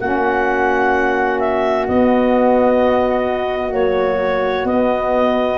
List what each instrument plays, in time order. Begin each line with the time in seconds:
0.00 tuba A#3, saxophone C#4, flute F#4, clarinet F#5
1.40 clarinet E5
1.88 saxophone B3, tuba B3, clarinet D#5
3.72 saxophone F#3, tuba A#3, clarinet C#5
4.65 tuba B3, saxophone B3, clarinet D#5